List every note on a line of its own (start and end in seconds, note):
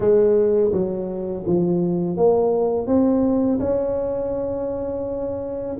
0.00 0.71 G#3
0.72 1.44 F#3
1.46 2.17 F3
2.17 2.87 A#3
2.87 3.59 C4
3.59 5.76 C#4